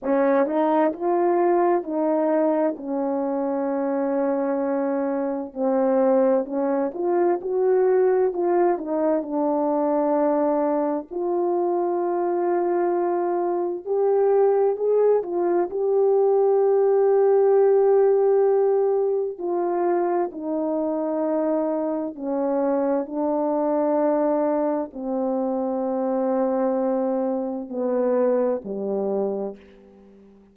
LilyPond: \new Staff \with { instrumentName = "horn" } { \time 4/4 \tempo 4 = 65 cis'8 dis'8 f'4 dis'4 cis'4~ | cis'2 c'4 cis'8 f'8 | fis'4 f'8 dis'8 d'2 | f'2. g'4 |
gis'8 f'8 g'2.~ | g'4 f'4 dis'2 | cis'4 d'2 c'4~ | c'2 b4 g4 | }